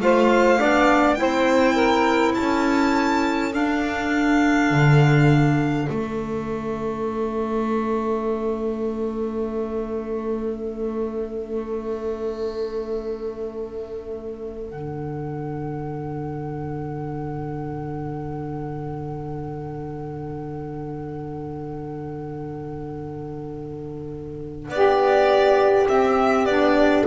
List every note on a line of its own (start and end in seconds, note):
0.00 0.59 A3
0.00 0.58 F4
0.00 0.59 C5
0.00 1.14 F5
0.58 1.20 B3
0.58 1.17 D4
0.58 1.18 D5
1.14 2.38 C4
1.14 3.52 E4
1.14 1.74 C5
1.14 2.32 G5
1.74 2.33 A#4
2.34 3.54 C#4
2.34 24.69 A4
2.34 3.52 A5
3.54 4.70 D4
3.54 5.88 D4
3.54 5.88 F5
4.70 5.88 D3
5.88 14.70 A3
5.88 14.70 C#4
5.88 14.71 E5
14.70 24.69 D3
14.70 25.90 D4
14.70 24.70 F#5
24.69 25.87 B3
24.69 25.88 D5
24.75 27.06 G4
25.88 26.45 C4
25.88 26.49 C4
25.88 26.45 E5
26.45 27.03 B3
26.45 27.06 D4
26.45 27.04 D5